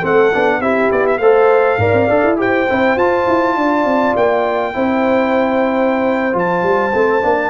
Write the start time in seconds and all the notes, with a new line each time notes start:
0.00 A3 C4 A4 F#5
0.35 B3 D4
0.61 C4 E4 G4 E5
0.92 B3 D5
1.07 E5
1.18 A3 A4 C5 F5
1.78 G#2 A#4 D5
1.93 C4
2.09 D4 A4
2.24 E4
2.37 G4 C5 G5
2.70 C4 E4
2.96 F4 A5
3.28 E4
3.56 D4 D5
3.85 C4
4.16 A#3 G5
4.74 C4 E4 C5
6.33 F3 F4 A5
6.63 G3
6.94 A3 C4
7.22 A#3 D4